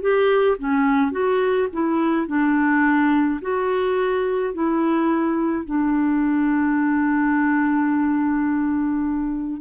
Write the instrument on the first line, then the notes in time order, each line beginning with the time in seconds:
clarinet
0.00 G4
0.58 C#4
1.11 F#4
1.72 E4
2.26 D4
3.41 F#4
4.53 E4
5.66 D4